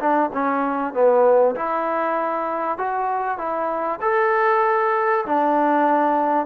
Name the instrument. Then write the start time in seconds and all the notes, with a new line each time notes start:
trombone
0.00 D4
0.34 C#4
0.94 B3
1.56 E4
2.79 F#4
3.38 E4
4.02 A4
5.26 D4